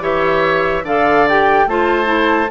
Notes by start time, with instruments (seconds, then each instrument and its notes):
0.00 bassoon E3, clarinet G4, oboe C#5, flute E5
0.83 bassoon D3, clarinet A4, oboe D5, flute F5
1.28 clarinet G4, flute G5
1.66 bassoon A3, clarinet F4, oboe C5, flute A5
2.04 clarinet E4